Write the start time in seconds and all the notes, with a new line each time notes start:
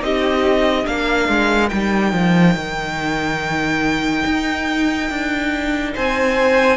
0.00 C4 D#4 G4 D#5
0.83 A#3 D4 A#4 F5
1.28 G#3
1.69 G3 D#4 G5
2.12 F3
2.55 D#3
4.25 D#4
5.09 D4
5.94 C4 C5 G#5